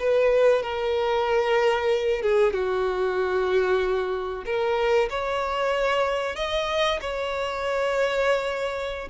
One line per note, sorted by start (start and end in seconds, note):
0.00 0.63 B4
0.63 2.23 A#4
2.23 2.54 G#4
2.54 4.45 F#4
4.46 5.10 A#4
5.11 6.36 C#5
6.36 7.00 D#5
7.02 9.09 C#5